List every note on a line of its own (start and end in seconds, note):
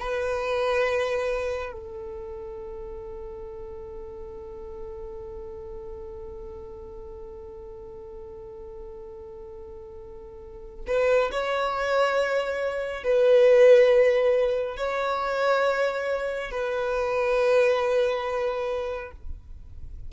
0.00 1.73 B4
1.73 10.86 A4
10.88 11.31 B4
11.32 13.04 C#5
13.04 14.77 B4
14.77 16.51 C#5
16.51 19.12 B4